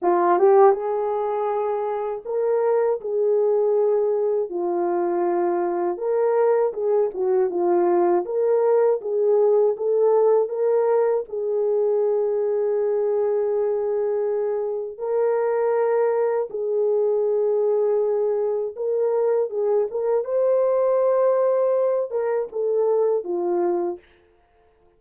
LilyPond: \new Staff \with { instrumentName = "horn" } { \time 4/4 \tempo 4 = 80 f'8 g'8 gis'2 ais'4 | gis'2 f'2 | ais'4 gis'8 fis'8 f'4 ais'4 | gis'4 a'4 ais'4 gis'4~ |
gis'1 | ais'2 gis'2~ | gis'4 ais'4 gis'8 ais'8 c''4~ | c''4. ais'8 a'4 f'4 | }